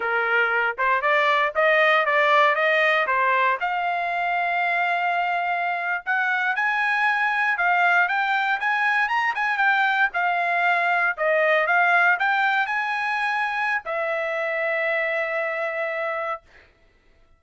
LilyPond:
\new Staff \with { instrumentName = "trumpet" } { \time 4/4 \tempo 4 = 117 ais'4. c''8 d''4 dis''4 | d''4 dis''4 c''4 f''4~ | f''2.~ f''8. fis''16~ | fis''8. gis''2 f''4 g''16~ |
g''8. gis''4 ais''8 gis''8 g''4 f''16~ | f''4.~ f''16 dis''4 f''4 g''16~ | g''8. gis''2~ gis''16 e''4~ | e''1 | }